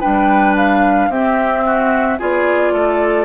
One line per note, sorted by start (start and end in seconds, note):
0.00 1.08 G3
0.00 1.11 D4
0.00 1.09 B4
0.00 0.55 G5
0.57 1.11 F5
1.08 2.17 C4
1.08 2.19 C4
1.08 1.65 G4
1.08 2.20 E5
1.66 2.19 F#4
2.19 2.71 B3
2.19 3.25 F4
2.19 2.73 G#4
2.19 3.25 D5
2.71 3.25 A3
2.71 3.25 A4